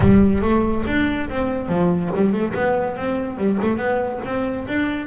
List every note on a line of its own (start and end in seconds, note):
0.00 0.41 G3
0.41 0.83 A3
0.87 1.29 D4
1.29 1.68 C4
1.68 2.10 F3
2.15 2.32 G3
2.32 2.53 A3
2.54 2.96 B3
2.96 3.37 C4
3.37 3.58 G3
3.61 3.77 A3
3.77 4.19 B3
4.25 4.67 C4
4.67 5.07 D4